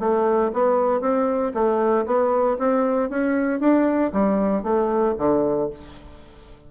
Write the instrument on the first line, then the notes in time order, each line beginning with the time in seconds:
bassoon
0.00 A3
0.54 B3
1.01 C4
1.54 A3
2.06 B3
2.59 C4
3.10 C#4
3.60 D4
4.13 G3
4.63 A3
5.18 D3